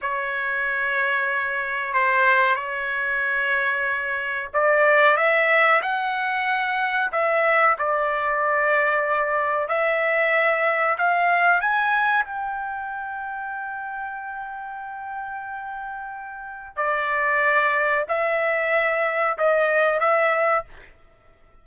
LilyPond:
\new Staff \with { instrumentName = "trumpet" } { \time 4/4 \tempo 4 = 93 cis''2. c''4 | cis''2. d''4 | e''4 fis''2 e''4 | d''2. e''4~ |
e''4 f''4 gis''4 g''4~ | g''1~ | g''2 d''2 | e''2 dis''4 e''4 | }